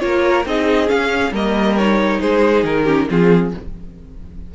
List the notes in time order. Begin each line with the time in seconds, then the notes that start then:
0.00 A#3 F4 A#4 C#5
0.46 C4 D#4 G#4 D#5
0.88 C#4 F5
1.32 G3 A#3 A#4 D#5
1.78 D#4 C#5
2.20 G#3 G#4 C5
2.64 D#3 A#4
2.84 C#4 G4
3.09 F3 C4 F4 G#4